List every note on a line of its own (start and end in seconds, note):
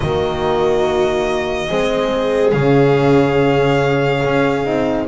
0.00 1.71 D#3
0.00 1.69 A#3
0.00 1.68 F#4
0.00 2.50 D#5
1.68 2.52 G#3
1.68 2.53 C4
1.68 5.06 G#4
2.51 4.21 C#3
2.51 4.64 C#4
2.51 5.05 F5
4.24 4.65 C#4
4.64 5.08 C4
4.64 5.06 D#4